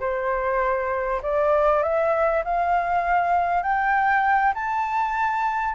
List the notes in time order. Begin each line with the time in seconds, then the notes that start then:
0.00 C5
1.23 D5
1.83 E5
2.45 F5
3.63 G5
4.55 A5